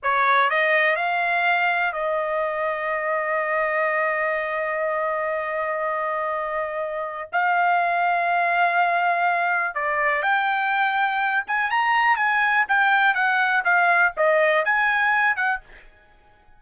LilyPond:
\new Staff \with { instrumentName = "trumpet" } { \time 4/4 \tempo 4 = 123 cis''4 dis''4 f''2 | dis''1~ | dis''1~ | dis''2. f''4~ |
f''1 | d''4 g''2~ g''8 gis''8 | ais''4 gis''4 g''4 fis''4 | f''4 dis''4 gis''4. fis''8 | }